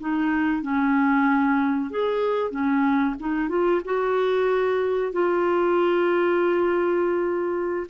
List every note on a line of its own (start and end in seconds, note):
0.00 0.62 D#4
0.62 1.91 C#4
1.91 2.51 G#4
2.51 3.15 C#4
3.20 3.49 D#4
3.49 3.81 F4
3.85 5.13 F#4
5.13 7.87 F4